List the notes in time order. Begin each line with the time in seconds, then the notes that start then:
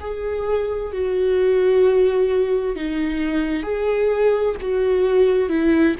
0.00 G#4
0.92 F#4
2.76 D#4
3.63 G#4
4.61 F#4
5.49 E4